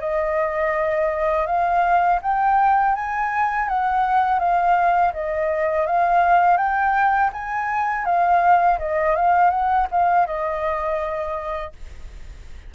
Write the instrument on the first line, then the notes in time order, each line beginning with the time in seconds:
flute
0.00 D#5
1.46 F5
2.22 G5
2.95 G#5
3.69 F#5
4.39 F5
5.13 D#5
5.86 F5
6.57 G5
7.33 G#5
8.05 F5
8.79 D#5
9.16 F5
9.51 F#5
9.91 F5
10.26 D#5